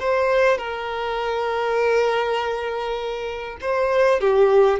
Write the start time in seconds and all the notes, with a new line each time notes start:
0.00 C5
0.58 A#4
3.61 C5
4.21 G4